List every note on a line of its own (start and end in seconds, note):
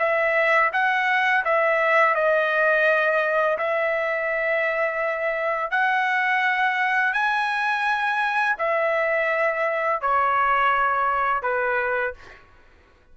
0.00 0.71 E5
0.73 1.45 F#5
1.45 2.15 E5
2.15 3.58 D#5
3.59 5.71 E5
5.71 7.14 F#5
7.14 8.56 G#5
8.59 10.02 E5
10.02 11.43 C#5
11.43 12.15 B4